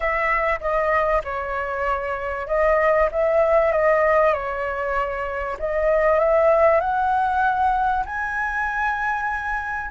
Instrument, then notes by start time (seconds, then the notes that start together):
flute
0.00 E5
0.60 D#5
1.24 C#5
2.47 D#5
3.11 E5
3.72 D#5
4.33 C#5
5.59 D#5
6.19 E5
6.80 F#5
8.05 G#5